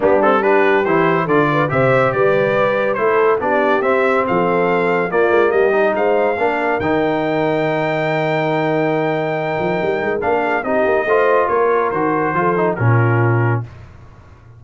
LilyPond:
<<
  \new Staff \with { instrumentName = "trumpet" } { \time 4/4 \tempo 4 = 141 g'8 a'8 b'4 c''4 d''4 | e''4 d''2 c''4 | d''4 e''4 f''2 | d''4 dis''4 f''2 |
g''1~ | g''1 | f''4 dis''2 cis''4 | c''2 ais'2 | }
  \new Staff \with { instrumentName = "horn" } { \time 4/4 d'4 g'2 a'8 b'8 | c''4 b'2 a'4 | g'2 a'2 | f'4 g'4 c''4 ais'4~ |
ais'1~ | ais'1~ | ais'8 gis'8 g'4 c''4 ais'4~ | ais'4 a'4 f'2 | }
  \new Staff \with { instrumentName = "trombone" } { \time 4/4 b8 c'8 d'4 e'4 f'4 | g'2. e'4 | d'4 c'2. | ais4. dis'4. d'4 |
dis'1~ | dis'1 | d'4 dis'4 f'2 | fis'4 f'8 dis'8 cis'2 | }
  \new Staff \with { instrumentName = "tuba" } { \time 4/4 g2 e4 d4 | c4 g2 a4 | b4 c'4 f2 | ais8 gis8 g4 gis4 ais4 |
dis1~ | dis2~ dis8 f8 g8 gis8 | ais4 c'8 ais8 a4 ais4 | dis4 f4 ais,2 | }
>>